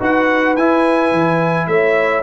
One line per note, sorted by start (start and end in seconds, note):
0.00 0.57 D#4
0.00 0.56 F#4
0.00 1.68 B4
0.00 0.57 F#5
0.57 1.12 E4
0.57 2.24 E4
0.57 1.68 G#5
1.12 1.68 E3
1.68 2.24 A3
1.68 2.24 C#5
1.68 2.24 E5